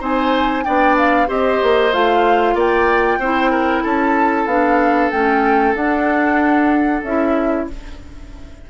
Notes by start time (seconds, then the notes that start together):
0.00 C4 D#4 C5 G#5
0.64 B3 D4 D5 G5
0.97 F5
1.27 C4 G4 C5 D#5
1.62 A#3
1.93 A3 F4 F5
2.54 A#3 D5 G5
3.19 C4 E4 C5
3.51 A#4
3.83 C#4 A4 A5
4.46 B3 D4 F5
5.11 A3 C#4 G5
5.74 D4 F#5
7.04 C#4 E4 E5